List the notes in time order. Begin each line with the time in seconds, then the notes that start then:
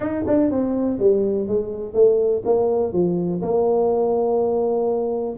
0.00 D#4
0.27 D4
0.51 C4
0.99 G3
1.47 G#3
1.94 A3
2.45 A#3
2.92 F3
3.41 A#3